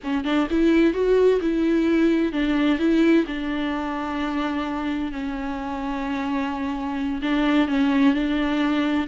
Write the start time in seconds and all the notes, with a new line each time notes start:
0.03 C#4
0.24 D4
0.50 E4
0.93 F#4
1.41 E4
2.32 D4
2.78 E4
3.26 D4
5.11 C#4
7.21 D4
7.68 C#4
8.14 D4